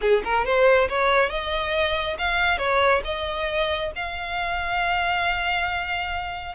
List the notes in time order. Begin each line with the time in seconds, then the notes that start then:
0.01 G#4
0.24 A#4
0.45 C5
0.88 C#5
1.29 D#5
2.18 F5
2.58 C#5
3.04 D#5
3.95 F5